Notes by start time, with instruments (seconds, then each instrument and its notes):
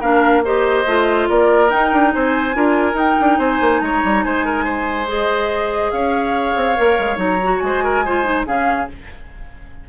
0.00 bassoon A#3, clarinet D4, oboe A#4, flute F5
0.44 clarinet G4, oboe C5, flute D#5
0.86 bassoon A3, clarinet F4
1.29 bassoon A#3, oboe A#4, flute D5
1.68 clarinet D#4, bassoon D#4, flute G5
1.92 bassoon D4
2.13 bassoon C4, oboe C5, flute G#5
2.54 bassoon D4, clarinet F4, oboe A#4
2.93 clarinet D#4, bassoon D#4, flute G5
3.21 bassoon D4
3.38 bassoon C4, oboe C5, flute G#5
3.61 bassoon A#3
3.81 bassoon G#3, oboe C#5, flute A#5
4.04 bassoon G3
4.23 bassoon G#3, oboe C5, flute G#5
4.45 oboe A#4
4.64 oboe C5
5.07 clarinet G#4, flute D#5
5.91 bassoon C#4, oboe C#5, flute F5
6.56 bassoon C4
6.76 bassoon A#3, clarinet A#4
6.99 bassoon G#3
7.16 bassoon F#3, clarinet D#4, flute A#5
7.43 clarinet F#4
7.59 bassoon G#3, flute G#5
7.65 oboe C5
7.83 oboe A#4
8.05 clarinet F4, oboe C5
8.24 clarinet D#4
8.46 bassoon C#3, clarinet C#4, oboe G#4, flute F5